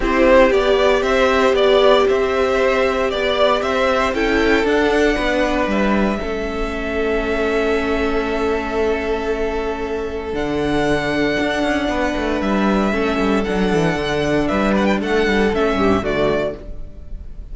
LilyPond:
<<
  \new Staff \with { instrumentName = "violin" } { \time 4/4 \tempo 4 = 116 c''4 d''4 e''4 d''4 | e''2 d''4 e''4 | g''4 fis''2 e''4~ | e''1~ |
e''1 | fis''1 | e''2 fis''2 | e''8 fis''16 g''16 fis''4 e''4 d''4 | }
  \new Staff \with { instrumentName = "violin" } { \time 4/4 g'2 c''4 d''4 | c''2 d''4 c''4 | a'2 b'2 | a'1~ |
a'1~ | a'2. b'4~ | b'4 a'2. | b'4 a'4. g'8 fis'4 | }
  \new Staff \with { instrumentName = "viola" } { \time 4/4 e'4 g'2.~ | g'1 | e'4 d'2. | cis'1~ |
cis'1 | d'1~ | d'4 cis'4 d'2~ | d'2 cis'4 a4 | }
  \new Staff \with { instrumentName = "cello" } { \time 4/4 c'4 b4 c'4 b4 | c'2 b4 c'4 | cis'4 d'4 b4 g4 | a1~ |
a1 | d2 d'8 cis'8 b8 a8 | g4 a8 g8 fis8 e8 d4 | g4 a8 g8 a8 g,8 d4 | }
>>